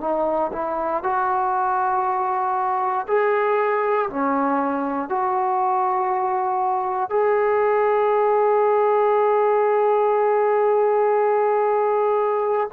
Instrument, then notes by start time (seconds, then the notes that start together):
trombone
0.00 D#4
0.52 E4
1.03 F#4
3.07 G#4
4.09 C#4
5.09 F#4
7.09 G#4